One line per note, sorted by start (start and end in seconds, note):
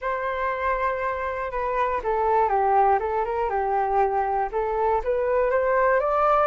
0.01 1.51 C5
1.51 2.01 B4
2.03 2.48 A4
2.48 2.98 G4
2.99 3.24 A4
3.25 3.49 A#4
3.49 4.49 G4
4.52 5.02 A4
5.03 5.50 B4
5.50 6.00 C5
6.00 6.47 D5